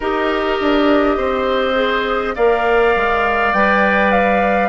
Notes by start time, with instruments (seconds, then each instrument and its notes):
0.00 bassoon D#4, clarinet G4, oboe A#4, flute D#5
0.60 bassoon D4
1.17 bassoon C4, oboe C5
1.75 clarinet G#4
2.35 bassoon A#3, clarinet A#4, oboe D5, flute F5
2.96 bassoon G#3
3.53 bassoon G3, clarinet B4, flute G5
4.11 flute F5